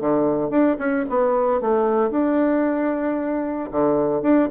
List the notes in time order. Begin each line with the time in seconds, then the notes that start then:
0.00 D3
0.50 D4
0.78 C#4
1.09 B3
1.60 A3
2.10 D4
3.71 D3
4.22 D4